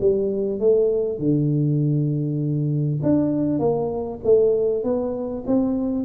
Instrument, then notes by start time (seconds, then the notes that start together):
tuba
0.00 G3
0.60 A3
1.18 D3
3.02 D4
3.59 A#3
4.24 A3
4.83 B3
5.47 C4